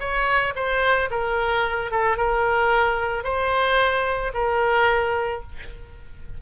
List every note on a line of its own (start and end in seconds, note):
0.00 0.54 C#5
0.56 1.10 C5
1.11 1.92 A#4
1.92 2.17 A4
2.17 3.24 A#4
3.24 4.32 C5
4.34 5.42 A#4